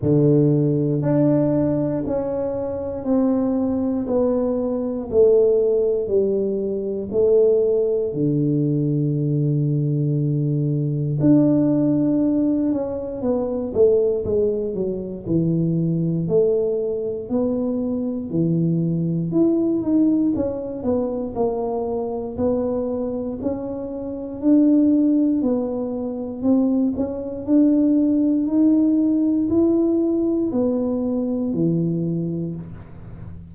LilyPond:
\new Staff \with { instrumentName = "tuba" } { \time 4/4 \tempo 4 = 59 d4 d'4 cis'4 c'4 | b4 a4 g4 a4 | d2. d'4~ | d'8 cis'8 b8 a8 gis8 fis8 e4 |
a4 b4 e4 e'8 dis'8 | cis'8 b8 ais4 b4 cis'4 | d'4 b4 c'8 cis'8 d'4 | dis'4 e'4 b4 e4 | }